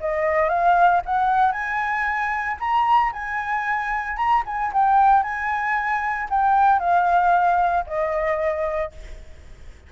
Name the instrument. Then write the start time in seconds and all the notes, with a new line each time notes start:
flute
0.00 D#5
0.49 F5
1.05 F#5
1.52 G#5
2.60 A#5
3.12 G#5
4.16 A#5
4.46 G#5
4.73 G5
5.23 G#5
6.30 G5
6.79 F5
7.86 D#5